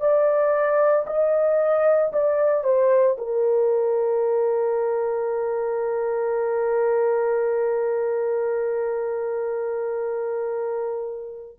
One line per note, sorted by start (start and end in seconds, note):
0.00 1.05 D5
1.07 2.12 D#5
2.12 2.64 D5
2.64 3.16 C5
3.18 11.59 A#4